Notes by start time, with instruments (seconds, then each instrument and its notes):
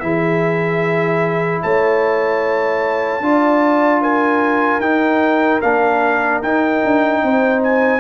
0.00 tuba E3, trombone E4, horn G#4, trumpet E5
1.62 tuba A3, horn C#5, trumpet A5
3.20 tuba D4, trombone F4, horn D5
4.02 horn A#4, trumpet G#5
4.80 tuba D#4, trombone D#4, trumpet G5
5.61 tuba A#3, trombone D4, trumpet F5
6.42 tuba D#4, trombone D#4, trumpet G5
6.85 tuba D4
7.23 tuba C4, horn C5
7.63 trumpet G#5